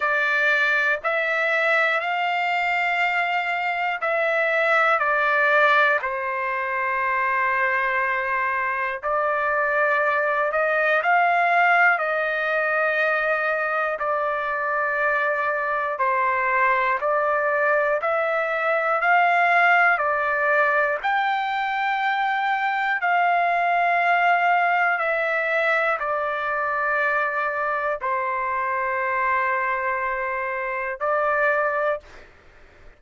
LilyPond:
\new Staff \with { instrumentName = "trumpet" } { \time 4/4 \tempo 4 = 60 d''4 e''4 f''2 | e''4 d''4 c''2~ | c''4 d''4. dis''8 f''4 | dis''2 d''2 |
c''4 d''4 e''4 f''4 | d''4 g''2 f''4~ | f''4 e''4 d''2 | c''2. d''4 | }